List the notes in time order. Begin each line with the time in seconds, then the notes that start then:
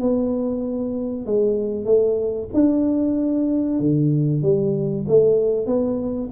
0.00 B3
1.26 G#3
1.85 A3
2.53 D4
3.80 D3
4.42 G3
5.08 A3
5.67 B3